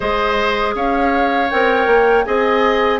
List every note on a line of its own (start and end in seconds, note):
0.00 0.75 G#3
0.00 1.48 G#4
0.00 0.74 C5
0.00 0.73 D#5
0.75 1.50 C#4
0.75 2.25 C#5
0.75 1.50 F5
1.50 1.87 C4
1.50 2.25 A#4
1.50 2.24 G5
1.87 2.24 A#3
2.24 3.00 C4
2.24 3.00 G#4
2.24 3.00 D#5
2.24 2.99 G#5